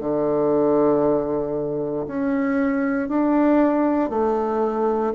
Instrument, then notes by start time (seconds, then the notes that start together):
bassoon
0.00 D3
2.07 C#4
3.09 D4
4.10 A3